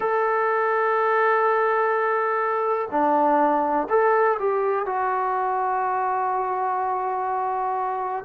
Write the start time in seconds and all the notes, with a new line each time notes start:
0.00 A4
2.90 D4
3.89 A4
4.39 G4
4.86 F#4